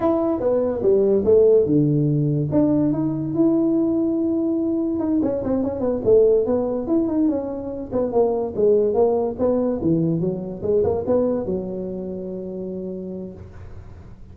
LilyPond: \new Staff \with { instrumentName = "tuba" } { \time 4/4 \tempo 4 = 144 e'4 b4 g4 a4 | d2 d'4 dis'4 | e'1 | dis'8 cis'8 c'8 cis'8 b8 a4 b8~ |
b8 e'8 dis'8 cis'4. b8 ais8~ | ais8 gis4 ais4 b4 e8~ | e8 fis4 gis8 ais8 b4 fis8~ | fis1 | }